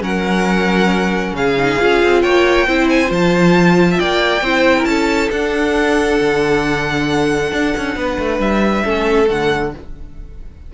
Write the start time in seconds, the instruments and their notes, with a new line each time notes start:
0.00 cello F#3, viola C#4, violin A#4 F#5
1.32 cello C#3, violin G#4 F5
1.57 viola D#4
1.79 cello C#4, viola F4
2.03 cello C4
2.22 cello A#3, violin C#5 G5
2.67 cello C4, viola E4, violin C5
2.89 violin G#5
3.07 cello F3, viola F4, violin A5
3.90 violin E5
3.98 cello A#3, violin D5 G5
4.41 cello C4, viola E4, violin C5
4.77 violin A#4
4.85 cello C#4, violin A4 A5
5.31 cello D4, viola D4, violin F#5
6.20 cello D3
7.52 cello D4
7.77 cello C#4
7.95 cello B3, violin B4
8.18 cello A3
8.39 cello G3, violin E5
8.84 cello A3, viola C#4, violin A4
9.26 cello D3, viola A3, violin F#5